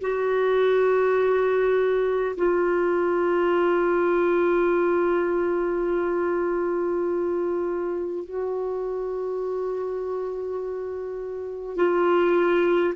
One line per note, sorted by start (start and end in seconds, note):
0.00 2.35 F#4
2.36 8.25 F4
8.25 11.76 F#4
11.76 12.94 F4